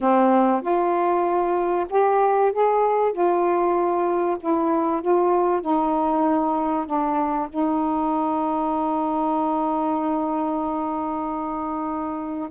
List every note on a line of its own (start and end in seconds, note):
0.00 0.61 C4
0.61 1.86 F4
1.89 2.52 G4
2.52 3.12 G#4
3.12 4.37 F4
4.39 5.01 E4
5.01 5.61 F4
5.61 6.86 D#4
6.86 7.48 D4
7.49 12.49 D#4